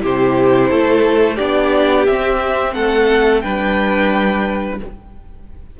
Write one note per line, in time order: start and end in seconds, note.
0.00 0.70 C3
0.00 1.36 E4
0.00 0.70 G4
0.00 1.37 C5
0.70 1.39 A3
0.70 1.36 A4
1.36 2.09 B3
1.36 2.07 D4
1.36 2.72 G4
1.36 2.05 D5
2.06 3.43 C4
2.06 2.75 C4
2.06 2.73 E5
2.73 3.43 A3
2.73 3.43 A4
2.73 3.41 F#5
3.41 4.80 G3
3.41 4.80 D4
3.41 4.80 B4
3.41 4.77 G5